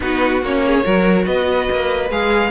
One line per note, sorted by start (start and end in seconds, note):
0.00 0.41 B3
0.00 0.41 D#4
0.00 0.65 F#4
0.00 0.43 B4
0.41 0.84 A#3
0.41 0.83 C#4
0.41 1.26 C#5
0.66 0.84 G#4
0.83 1.26 F#3
0.83 2.10 F#4
0.83 1.25 A#4
1.25 1.69 B3
1.25 2.51 B4
1.25 2.10 D#5
1.70 2.10 A#3
2.10 2.51 G#3
2.10 2.51 G#4
2.10 2.51 F5